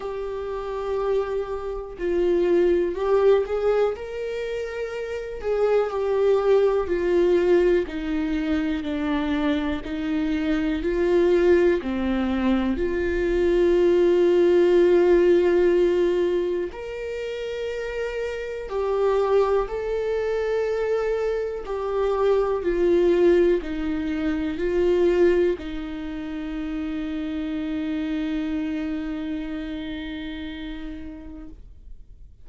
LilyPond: \new Staff \with { instrumentName = "viola" } { \time 4/4 \tempo 4 = 61 g'2 f'4 g'8 gis'8 | ais'4. gis'8 g'4 f'4 | dis'4 d'4 dis'4 f'4 | c'4 f'2.~ |
f'4 ais'2 g'4 | a'2 g'4 f'4 | dis'4 f'4 dis'2~ | dis'1 | }